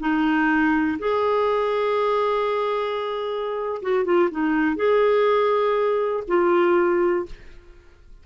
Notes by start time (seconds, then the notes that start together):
0.00 D#4
0.99 G#4
3.82 F#4
4.05 F4
4.31 D#4
4.76 G#4
6.28 F4